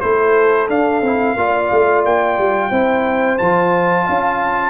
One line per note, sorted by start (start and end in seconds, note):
0.00 0.70 A3
0.00 0.68 E4
0.00 1.37 A4
0.00 0.67 C5
0.68 1.02 D4
0.68 1.01 D4
0.68 2.04 F5
1.01 1.35 C4
1.01 1.37 E4
1.36 1.70 A#3
1.36 2.71 F4
1.36 2.70 D5
1.71 2.05 A3
2.05 2.38 A#3
2.05 3.38 G5
2.38 2.71 G3
2.70 3.38 C4
2.70 3.38 E4
2.70 4.04 C5
3.38 4.08 F3
3.38 4.70 F4
3.38 4.70 A5
4.04 4.70 C#4
4.04 4.70 F5